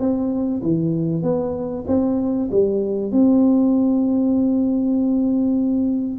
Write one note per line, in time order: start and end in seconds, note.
0.00 0.62 C4
0.62 1.23 E3
1.23 1.84 B3
1.88 2.49 C4
2.51 3.12 G3
3.12 6.19 C4